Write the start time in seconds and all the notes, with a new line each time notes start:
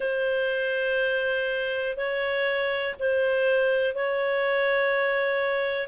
0.00 C5
1.96 C#5
2.99 C5
3.94 C#5